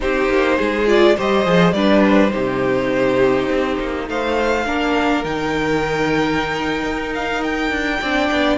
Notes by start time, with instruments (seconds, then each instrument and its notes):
0.00 cello C4, viola D#4, violin G4 C5
0.29 cello A#3
0.57 cello G#3, violin G#4
0.86 viola F4, violin D5
1.16 cello G3, viola G4, violin C5 D#5
1.45 cello F3, viola G#4
1.72 cello G3, viola D4, violin B4 D5
2.05 violin C5
2.30 cello C3, viola D#4, violin G4
3.48 cello C4
3.79 cello A#3
4.08 cello A3, violin C5 F5
4.66 cello A#3, viola D4, violin A#4
5.24 cello D#3, viola D#4, violin G5
6.83 cello D#4
7.14 violin F5
7.43 violin G5
7.71 cello D4
8.00 cello C4, viola D4, violin D5
8.31 cello B3